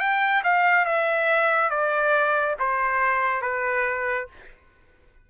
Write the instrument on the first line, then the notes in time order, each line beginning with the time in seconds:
trumpet
0.00 G5
0.44 F5
0.86 E5
1.71 D5
2.59 C5
3.42 B4